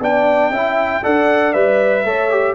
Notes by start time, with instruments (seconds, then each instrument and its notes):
0.00 tuba B3, trombone D4, horn D5, trumpet G5
0.51 tuba C#4, trombone E4, horn E5
1.03 tuba D4, trombone A4, horn D5, trumpet F#5
1.53 tuba G3, trombone B4, trumpet E5
2.04 tuba A3, trombone A4, horn C#5
2.31 trombone G4